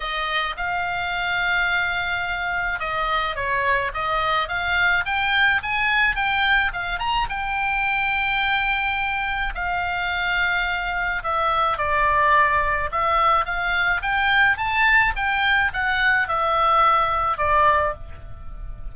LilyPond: \new Staff \with { instrumentName = "oboe" } { \time 4/4 \tempo 4 = 107 dis''4 f''2.~ | f''4 dis''4 cis''4 dis''4 | f''4 g''4 gis''4 g''4 | f''8 ais''8 g''2.~ |
g''4 f''2. | e''4 d''2 e''4 | f''4 g''4 a''4 g''4 | fis''4 e''2 d''4 | }